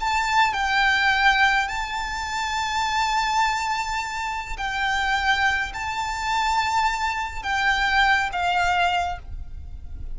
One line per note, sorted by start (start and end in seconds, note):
0.00 0.53 A5
0.53 1.69 G5
1.69 4.57 A5
4.57 5.73 G5
5.74 7.43 A5
7.43 8.30 G5
8.33 9.19 F5